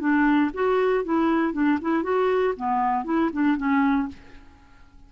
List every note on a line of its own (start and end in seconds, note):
0.00 0.51 D4
0.54 1.05 F#4
1.05 1.53 E4
1.53 1.79 D4
1.82 2.03 E4
2.03 2.55 F#4
2.57 3.05 B3
3.05 3.31 E4
3.33 3.57 D4
3.57 4.08 C#4